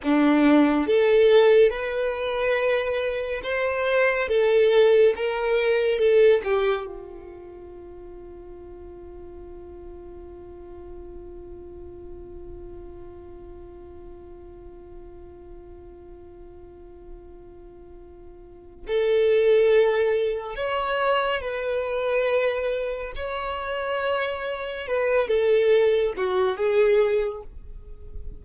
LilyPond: \new Staff \with { instrumentName = "violin" } { \time 4/4 \tempo 4 = 70 d'4 a'4 b'2 | c''4 a'4 ais'4 a'8 g'8 | f'1~ | f'1~ |
f'1~ | f'2 a'2 | cis''4 b'2 cis''4~ | cis''4 b'8 a'4 fis'8 gis'4 | }